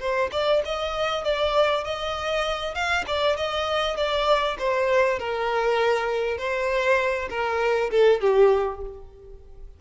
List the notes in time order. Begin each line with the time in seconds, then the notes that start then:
0.00 C5
0.32 D5
0.65 D#5
1.25 D5
1.84 D#5
2.75 F5
3.07 D5
3.37 D#5
3.97 D5
4.59 C5
5.19 A#4
6.38 C5
7.30 A#4
7.91 A4
8.21 G4